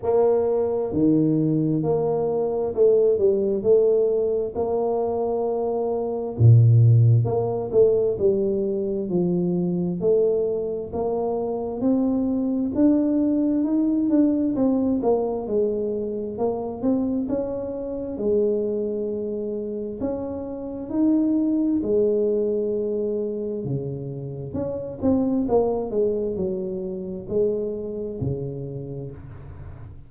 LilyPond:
\new Staff \with { instrumentName = "tuba" } { \time 4/4 \tempo 4 = 66 ais4 dis4 ais4 a8 g8 | a4 ais2 ais,4 | ais8 a8 g4 f4 a4 | ais4 c'4 d'4 dis'8 d'8 |
c'8 ais8 gis4 ais8 c'8 cis'4 | gis2 cis'4 dis'4 | gis2 cis4 cis'8 c'8 | ais8 gis8 fis4 gis4 cis4 | }